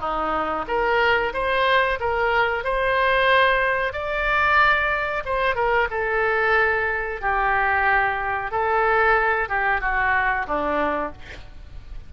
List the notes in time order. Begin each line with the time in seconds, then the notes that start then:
0.00 D#4
0.68 A#4
1.34 C5
2.00 A#4
2.64 C5
3.93 D5
5.25 C5
5.56 A#4
5.91 A4
7.21 G4
8.52 A4
9.49 G4
9.81 F#4
10.48 D4